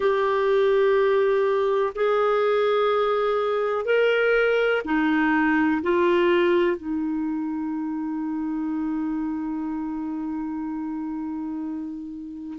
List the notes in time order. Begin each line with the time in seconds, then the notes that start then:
0.00 G4
1.95 G#4
3.85 A#4
4.84 D#4
5.82 F4
6.76 D#4